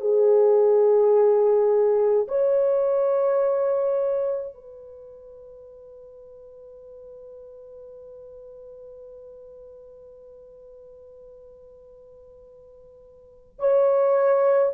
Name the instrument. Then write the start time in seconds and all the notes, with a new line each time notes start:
horn
0.00 G#4
2.27 C#5
4.53 B4
13.58 C#5